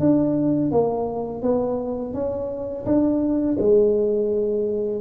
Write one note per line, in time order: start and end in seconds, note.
0.00 0.71 D4
0.71 1.43 A#3
1.43 2.14 B3
2.14 2.85 C#4
2.86 3.57 D4
3.59 5.01 G#3